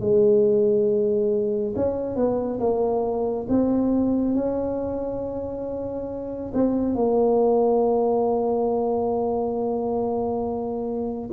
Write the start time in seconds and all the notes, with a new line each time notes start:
0.00 G#3
1.76 C#4
2.16 B3
2.60 A#3
3.49 C4
4.35 C#4
6.54 C4
6.95 A#3